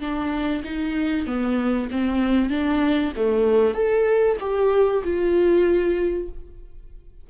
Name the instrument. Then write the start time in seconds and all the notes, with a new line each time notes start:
viola
0.00 D4
0.64 D#4
1.26 B3
1.91 C4
2.50 D4
3.16 A3
3.74 A4
4.40 G4
5.04 F4